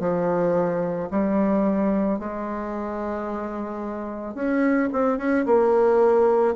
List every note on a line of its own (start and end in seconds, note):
0.00 1.09 F3
1.11 2.19 G3
2.19 4.34 G#3
4.34 4.89 C#4
4.92 5.18 C4
5.18 5.45 C#4
5.46 6.55 A#3